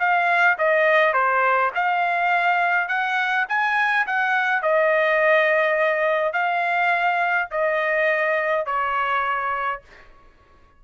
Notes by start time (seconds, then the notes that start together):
0.00 F5
0.59 D#5
1.14 C5
1.75 F5
2.89 F#5
3.49 G#5
4.07 F#5
4.63 D#5
6.34 F5
7.52 D#5
8.66 C#5